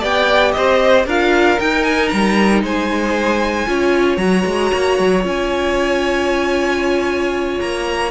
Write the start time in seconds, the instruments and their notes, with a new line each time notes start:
0.00 cello B3, viola G4, violin D5 G5
0.52 cello C4, violin C5 D#5
1.06 cello D4, viola F4, violin A#4 F5
1.59 viola D#4, cello D#4, violin G5
1.84 violin G#5
2.09 cello G3, violin A#5
2.63 cello G#3, violin C5 G#5
3.67 cello C#4, viola F4, violin C#5
4.17 cello F#3, viola F#4, violin A#5
4.45 cello G#3
4.74 cello A#3
4.99 cello F#3
5.22 cello C#4, viola F4, violin G#5
7.60 cello A#3, violin A#5